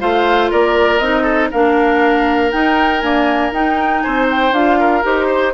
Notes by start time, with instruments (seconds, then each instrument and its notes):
0.00 bassoon A3, clarinet F4, oboe C5, flute F5
0.51 bassoon A#3, oboe A#4, flute D5
0.98 bassoon C4, clarinet D#4, flute D#5
1.23 oboe A4
1.51 bassoon A#3, clarinet D4, oboe A#4, flute F5
2.52 clarinet D#4, bassoon D#4, flute G5
3.01 clarinet A#3, bassoon D4, flute G#5
3.52 bassoon D#4, clarinet D#4, flute G5
4.01 bassoon C4, oboe C5, flute G#5
4.31 flute G5
4.52 bassoon D4, clarinet F4, flute F5
4.80 oboe A#4
5.03 bassoon D#4, clarinet G4, flute C5
5.26 oboe C5